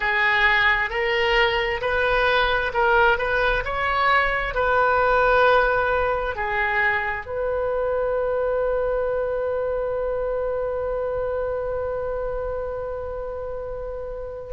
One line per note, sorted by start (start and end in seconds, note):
0.00 0.90 G#4
0.90 1.81 A#4
1.81 2.72 B4
2.73 3.18 A#4
3.18 3.63 B4
3.64 4.54 C#5
4.54 6.35 B4
6.35 7.26 G#4
7.26 14.53 B4